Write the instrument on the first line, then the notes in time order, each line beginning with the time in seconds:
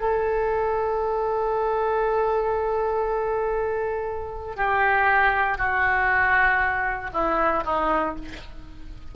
oboe
0.00 A4
4.56 G4
5.57 F#4
7.13 E4
7.65 D#4